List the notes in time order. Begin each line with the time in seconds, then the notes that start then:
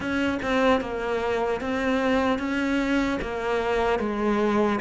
0.00 C#4
0.42 C4
0.80 A#3
1.60 C4
2.39 C#4
3.21 A#3
3.99 G#3